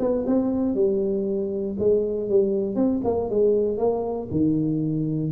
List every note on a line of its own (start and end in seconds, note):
0.00 0.25 B3
0.27 0.75 C4
0.75 1.76 G3
1.79 2.30 G#3
2.30 2.76 G3
2.76 3.01 C4
3.05 3.30 A#3
3.30 3.78 G#3
3.78 4.29 A#3
4.31 5.33 D#3